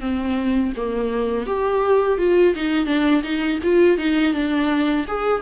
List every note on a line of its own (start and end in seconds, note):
0.00 0.72 C4
0.76 1.46 A#3
1.46 2.18 G4
2.18 2.54 F4
2.55 2.86 D#4
2.86 3.22 D4
3.23 3.59 D#4
3.63 3.97 F4
3.97 4.33 D#4
4.33 5.05 D4
5.07 5.41 G#4